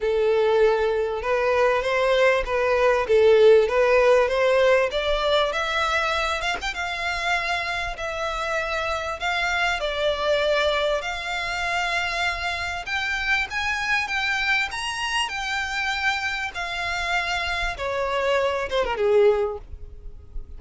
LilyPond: \new Staff \with { instrumentName = "violin" } { \time 4/4 \tempo 4 = 98 a'2 b'4 c''4 | b'4 a'4 b'4 c''4 | d''4 e''4. f''16 g''16 f''4~ | f''4 e''2 f''4 |
d''2 f''2~ | f''4 g''4 gis''4 g''4 | ais''4 g''2 f''4~ | f''4 cis''4. c''16 ais'16 gis'4 | }